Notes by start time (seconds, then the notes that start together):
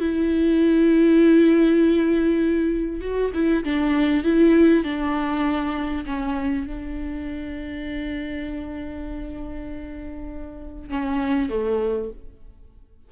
0.00 E4
3.01 F#4
3.34 E4
3.64 D4
4.24 E4
4.84 D4
6.06 C#4
6.67 D4
10.90 C#4
11.50 A3